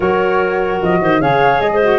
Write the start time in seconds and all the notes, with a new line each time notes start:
0.00 F#3 F#4 A#4 C#5
0.81 F3 D#5
1.01 D#3 C5
1.20 C#3 G#4 C#5 F5
1.60 G#3 D#5
1.73 C5
1.81 F#4